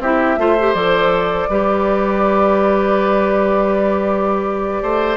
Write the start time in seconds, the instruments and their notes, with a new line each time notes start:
0.00 bassoon C4, clarinet E4, oboe G4, flute E5
0.38 bassoon A3, clarinet F4, oboe C5
0.60 clarinet G4
0.74 bassoon F3, clarinet A4, flute D5
1.49 bassoon G3, clarinet G4, oboe B4
4.82 bassoon A3, oboe C5